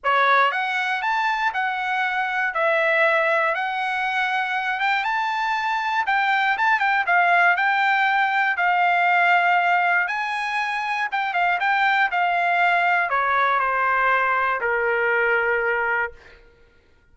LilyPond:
\new Staff \with { instrumentName = "trumpet" } { \time 4/4 \tempo 4 = 119 cis''4 fis''4 a''4 fis''4~ | fis''4 e''2 fis''4~ | fis''4. g''8 a''2 | g''4 a''8 g''8 f''4 g''4~ |
g''4 f''2. | gis''2 g''8 f''8 g''4 | f''2 cis''4 c''4~ | c''4 ais'2. | }